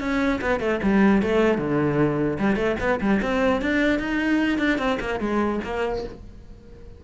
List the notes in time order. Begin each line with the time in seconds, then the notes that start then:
0.00 C#4
0.41 B3
0.60 A3
0.83 G3
1.22 A3
1.58 D3
2.39 G3
2.56 A3
2.80 B3
3.01 G3
3.22 C4
3.62 D4
3.99 D#4
4.58 D4
4.78 C4
5.00 A#3
5.20 G#3
5.64 A#3